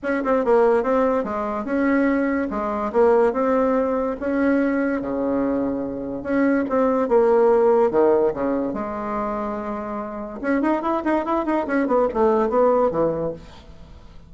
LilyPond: \new Staff \with { instrumentName = "bassoon" } { \time 4/4 \tempo 4 = 144 cis'8 c'8 ais4 c'4 gis4 | cis'2 gis4 ais4 | c'2 cis'2 | cis2. cis'4 |
c'4 ais2 dis4 | cis4 gis2.~ | gis4 cis'8 dis'8 e'8 dis'8 e'8 dis'8 | cis'8 b8 a4 b4 e4 | }